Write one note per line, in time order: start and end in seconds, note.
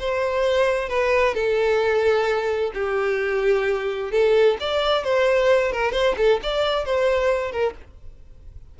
0.00 0.89 C5
0.89 1.35 B4
1.35 2.72 A4
2.74 4.12 G4
4.12 4.58 A4
4.61 5.04 D5
5.04 5.72 C5
5.72 5.93 A#4
5.93 6.15 C5
6.18 6.41 A4
6.43 6.86 D5
6.86 7.52 C5
7.52 7.75 A#4